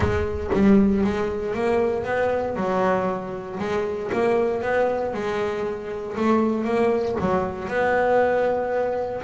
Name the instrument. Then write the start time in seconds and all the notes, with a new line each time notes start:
double bass
0.00 G#3
0.53 G3
1.03 G#3
1.54 A#3
2.04 B3
2.56 F#3
3.59 G#3
4.12 A#3
4.62 B3
5.13 G#3
6.16 A3
6.64 A#3
7.20 F#3
7.68 B3